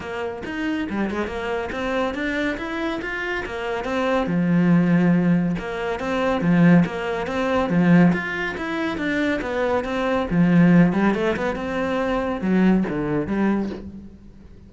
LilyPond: \new Staff \with { instrumentName = "cello" } { \time 4/4 \tempo 4 = 140 ais4 dis'4 g8 gis8 ais4 | c'4 d'4 e'4 f'4 | ais4 c'4 f2~ | f4 ais4 c'4 f4 |
ais4 c'4 f4 f'4 | e'4 d'4 b4 c'4 | f4. g8 a8 b8 c'4~ | c'4 fis4 d4 g4 | }